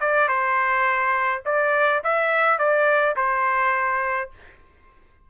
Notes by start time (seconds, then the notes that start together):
0.00 D5
0.28 C5
1.45 D5
2.04 E5
2.58 D5
3.16 C5